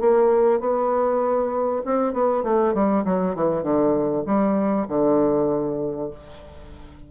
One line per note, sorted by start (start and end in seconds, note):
0.00 0.60 A#3
0.60 1.82 B3
1.85 2.13 C4
2.13 2.43 B3
2.43 2.74 A3
2.74 3.04 G3
3.05 3.35 F#3
3.35 3.63 E3
3.63 4.24 D3
4.26 4.87 G3
4.88 6.10 D3